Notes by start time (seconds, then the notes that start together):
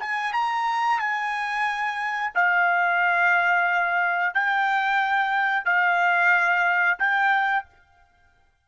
0.00 G#5
0.33 A#5
0.99 G#5
2.35 F5
4.34 G5
5.65 F5
6.99 G5